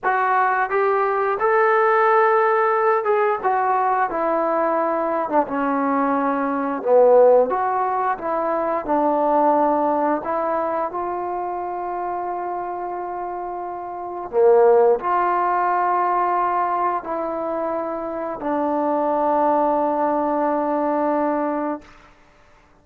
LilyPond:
\new Staff \with { instrumentName = "trombone" } { \time 4/4 \tempo 4 = 88 fis'4 g'4 a'2~ | a'8 gis'8 fis'4 e'4.~ e'16 d'16 | cis'2 b4 fis'4 | e'4 d'2 e'4 |
f'1~ | f'4 ais4 f'2~ | f'4 e'2 d'4~ | d'1 | }